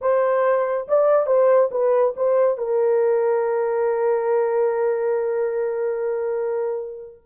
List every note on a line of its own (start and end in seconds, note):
0.01 0.87 C5
0.88 1.26 D5
1.26 1.69 C5
1.71 2.14 B4
2.16 2.57 C5
2.57 7.21 A#4